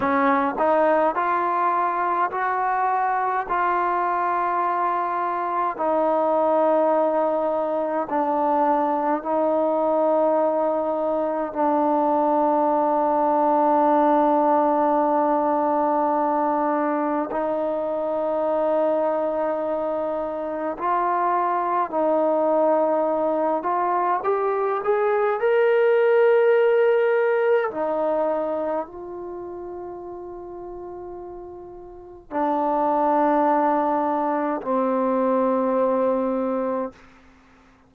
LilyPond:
\new Staff \with { instrumentName = "trombone" } { \time 4/4 \tempo 4 = 52 cis'8 dis'8 f'4 fis'4 f'4~ | f'4 dis'2 d'4 | dis'2 d'2~ | d'2. dis'4~ |
dis'2 f'4 dis'4~ | dis'8 f'8 g'8 gis'8 ais'2 | dis'4 f'2. | d'2 c'2 | }